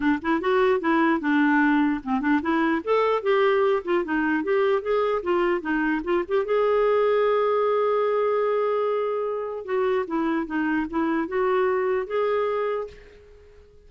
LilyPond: \new Staff \with { instrumentName = "clarinet" } { \time 4/4 \tempo 4 = 149 d'8 e'8 fis'4 e'4 d'4~ | d'4 c'8 d'8 e'4 a'4 | g'4. f'8 dis'4 g'4 | gis'4 f'4 dis'4 f'8 g'8 |
gis'1~ | gis'1 | fis'4 e'4 dis'4 e'4 | fis'2 gis'2 | }